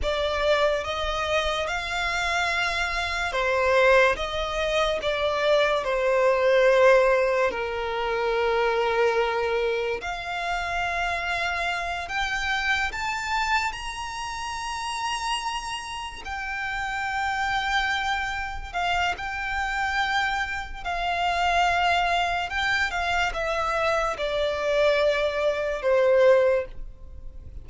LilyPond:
\new Staff \with { instrumentName = "violin" } { \time 4/4 \tempo 4 = 72 d''4 dis''4 f''2 | c''4 dis''4 d''4 c''4~ | c''4 ais'2. | f''2~ f''8 g''4 a''8~ |
a''8 ais''2. g''8~ | g''2~ g''8 f''8 g''4~ | g''4 f''2 g''8 f''8 | e''4 d''2 c''4 | }